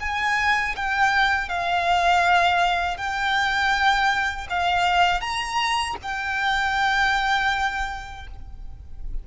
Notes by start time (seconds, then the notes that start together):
0.00 G#5
0.76 G5
1.49 F5
2.97 G5
4.50 F5
5.21 A#5
6.02 G5